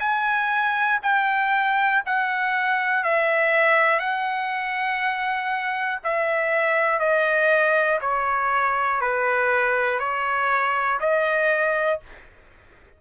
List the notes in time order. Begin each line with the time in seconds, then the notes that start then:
0.00 G#5
1.03 G5
2.06 F#5
3.04 E5
4.00 F#5
6.04 E5
7.00 D#5
8.02 C#5
9.01 B4
10.00 C#5
11.00 D#5